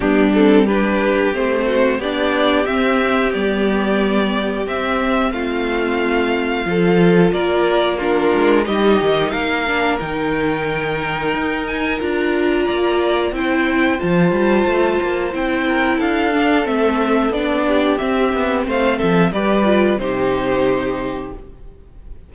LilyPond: <<
  \new Staff \with { instrumentName = "violin" } { \time 4/4 \tempo 4 = 90 g'8 a'8 b'4 c''4 d''4 | e''4 d''2 e''4 | f''2. d''4 | ais'4 dis''4 f''4 g''4~ |
g''4. gis''8 ais''2 | g''4 a''2 g''4 | f''4 e''4 d''4 e''4 | f''8 e''8 d''4 c''2 | }
  \new Staff \with { instrumentName = "violin" } { \time 4/4 d'4 g'4. fis'8 g'4~ | g'1 | f'2 a'4 ais'4 | f'4 g'4 ais'2~ |
ais'2. d''4 | c''2.~ c''8 ais'8 | a'2~ a'8 g'4. | c''8 a'8 b'4 g'2 | }
  \new Staff \with { instrumentName = "viola" } { \time 4/4 b8 c'8 d'4 c'4 d'4 | c'4 b2 c'4~ | c'2 f'2 | d'4 dis'4. d'8 dis'4~ |
dis'2 f'2 | e'4 f'2 e'4~ | e'8 d'8 c'4 d'4 c'4~ | c'4 g'8 f'8 dis'2 | }
  \new Staff \with { instrumentName = "cello" } { \time 4/4 g2 a4 b4 | c'4 g2 c'4 | a2 f4 ais4~ | ais8 gis8 g8 dis8 ais4 dis4~ |
dis4 dis'4 d'4 ais4 | c'4 f8 g8 a8 ais8 c'4 | d'4 a4 b4 c'8 b8 | a8 f8 g4 c2 | }
>>